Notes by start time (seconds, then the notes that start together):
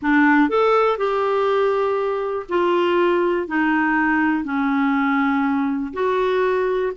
0.01 D4
0.49 A4
0.97 G4
2.48 F4
3.47 D#4
4.44 C#4
5.93 F#4